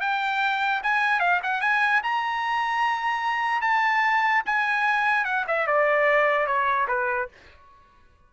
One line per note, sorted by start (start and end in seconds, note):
0.00 0.81 G5
0.82 1.19 G#5
1.19 1.39 F5
1.43 1.61 F#5
1.61 2.01 G#5
2.03 3.61 A#5
3.61 4.42 A5
4.45 5.24 G#5
5.24 5.45 F#5
5.47 5.66 E5
5.66 6.46 D5
6.46 6.87 C#5
6.88 7.28 B4